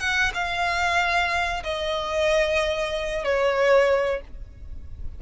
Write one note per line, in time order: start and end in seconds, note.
0.00 0.32 F#5
0.35 1.64 F5
1.64 3.25 D#5
3.25 4.21 C#5